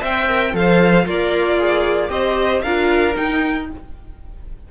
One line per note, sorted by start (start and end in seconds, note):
0.00 0.53 C4
0.00 0.26 C5
0.00 0.53 E5
0.00 0.55 G5
0.28 0.52 A#4
0.52 1.06 F3
0.52 1.05 A4
0.52 1.05 C5
0.52 1.07 F5
1.05 2.09 A#3
1.05 2.10 F4
1.05 1.58 A#4
1.05 2.10 D5
1.58 2.08 G#4
2.08 2.62 C4
2.08 2.60 G4
2.08 2.63 C5
2.08 2.62 D#5
2.62 3.16 D4
2.62 3.14 F4
2.62 3.67 A#4
2.62 3.14 F5
3.14 3.66 D#4
3.14 3.71 D#4
3.14 3.69 G5